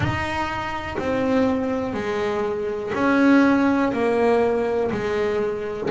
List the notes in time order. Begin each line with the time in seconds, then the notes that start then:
0.00 D#4
0.98 C4
1.93 G#3
2.93 C#4
3.92 A#3
4.91 G#3